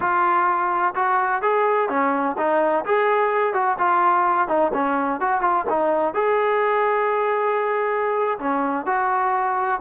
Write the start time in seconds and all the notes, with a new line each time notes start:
0.00 F4
0.95 F#4
1.42 G#4
1.89 C#4
2.37 D#4
2.85 G#4
3.53 F#4
3.78 F4
4.48 D#4
4.73 C#4
5.20 F#4
5.41 F4
5.69 D#4
6.14 G#4
8.38 C#4
8.86 F#4